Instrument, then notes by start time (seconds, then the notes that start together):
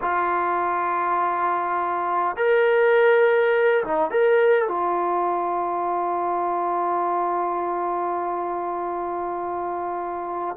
trombone
0.01 F4
2.36 A#4
3.83 D#4
4.11 A#4
4.67 F4